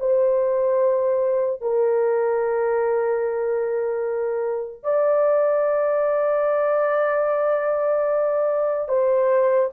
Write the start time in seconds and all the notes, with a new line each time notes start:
0.00 C5
1.62 A#4
4.84 D5
8.89 C5